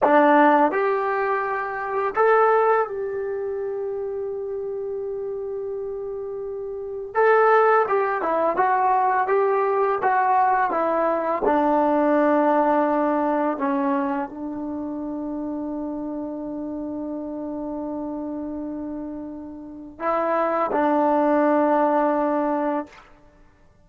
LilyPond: \new Staff \with { instrumentName = "trombone" } { \time 4/4 \tempo 4 = 84 d'4 g'2 a'4 | g'1~ | g'2 a'4 g'8 e'8 | fis'4 g'4 fis'4 e'4 |
d'2. cis'4 | d'1~ | d'1 | e'4 d'2. | }